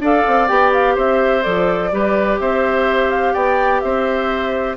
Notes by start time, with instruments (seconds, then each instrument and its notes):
0.00 bassoon D4, clarinet A4, oboe D5, flute F5
0.27 bassoon C4
0.48 bassoon B3, clarinet G4, flute G5
0.73 flute F5
0.95 bassoon C4, oboe C5, flute E5
1.43 bassoon F3, clarinet A4, flute D5
1.92 bassoon G3, clarinet G4, oboe B4
2.40 bassoon C4, oboe C5, flute E5
3.11 flute F5
3.34 bassoon B3, oboe D5, flute G5
3.81 bassoon C4, oboe C5, flute E5